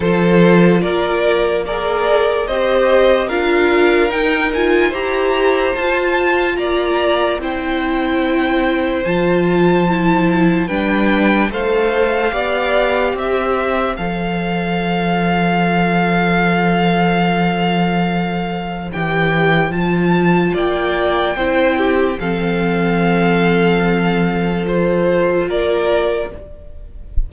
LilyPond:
<<
  \new Staff \with { instrumentName = "violin" } { \time 4/4 \tempo 4 = 73 c''4 d''4 ais'4 dis''4 | f''4 g''8 gis''8 ais''4 a''4 | ais''4 g''2 a''4~ | a''4 g''4 f''2 |
e''4 f''2.~ | f''2. g''4 | a''4 g''2 f''4~ | f''2 c''4 d''4 | }
  \new Staff \with { instrumentName = "violin" } { \time 4/4 a'4 ais'4 d''4 c''4 | ais'2 c''2 | d''4 c''2.~ | c''4 b'4 c''4 d''4 |
c''1~ | c''1~ | c''4 d''4 c''8 g'8 a'4~ | a'2. ais'4 | }
  \new Staff \with { instrumentName = "viola" } { \time 4/4 f'2 gis'4 g'4 | f'4 dis'8 f'8 g'4 f'4~ | f'4 e'2 f'4 | e'4 d'4 a'4 g'4~ |
g'4 a'2.~ | a'2. g'4 | f'2 e'4 c'4~ | c'2 f'2 | }
  \new Staff \with { instrumentName = "cello" } { \time 4/4 f4 ais2 c'4 | d'4 dis'4 e'4 f'4 | ais4 c'2 f4~ | f4 g4 a4 b4 |
c'4 f2.~ | f2. e4 | f4 ais4 c'4 f4~ | f2. ais4 | }
>>